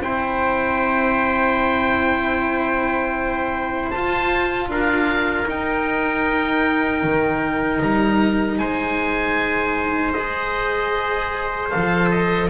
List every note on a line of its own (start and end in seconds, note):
0.00 3.90 C4
0.00 3.94 E4
0.00 4.71 C5
0.00 3.91 G5
3.91 5.46 F4
3.91 4.68 F4
3.91 4.69 A5
4.68 5.46 D4
4.68 8.60 A#4
4.68 5.49 F5
5.46 10.13 D#4
5.46 7.03 D#4
5.46 7.82 G5
7.03 7.81 D#3
7.82 8.60 G3
7.82 8.59 A#5
8.59 11.71 G#3
8.59 12.50 C5
8.59 10.13 G#5
10.13 11.71 G#4
10.13 11.69 D#5
11.70 12.50 F3
11.70 12.49 A4
11.70 12.09 F5
12.11 12.50 D#5